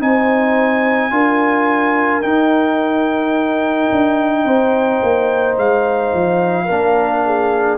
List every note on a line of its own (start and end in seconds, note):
0.00 1.11 C4
0.00 1.11 D#4
0.00 1.13 C5
0.00 2.22 G#5
1.11 2.22 D4
1.11 2.22 F4
1.11 4.45 A#4
2.22 6.67 D#4
2.22 3.90 D#4
2.22 5.56 G5
3.92 4.45 D4
4.45 5.00 C4
4.45 6.66 C5
5.02 5.57 A#3
5.57 6.13 G#3
5.57 7.78 F5
6.14 6.69 F3
6.66 7.78 A#3
6.66 7.78 D4
6.66 7.21 A#4
7.25 7.78 G#4